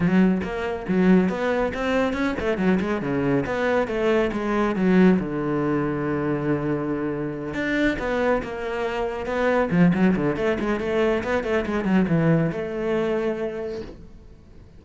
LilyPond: \new Staff \with { instrumentName = "cello" } { \time 4/4 \tempo 4 = 139 fis4 ais4 fis4 b4 | c'4 cis'8 a8 fis8 gis8 cis4 | b4 a4 gis4 fis4 | d1~ |
d4. d'4 b4 ais8~ | ais4. b4 f8 fis8 d8 | a8 gis8 a4 b8 a8 gis8 fis8 | e4 a2. | }